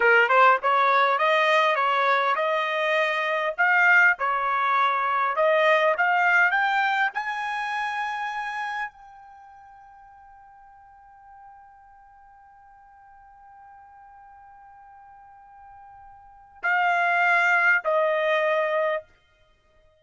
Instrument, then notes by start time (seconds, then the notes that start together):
trumpet
0.00 A#4
0.28 C5
0.62 C#5
1.18 D#5
1.75 C#5
2.35 D#5
3.57 F5
4.19 C#5
5.35 D#5
5.97 F5
6.50 G5
7.14 G#5
8.91 G5
16.63 F5
17.84 D#5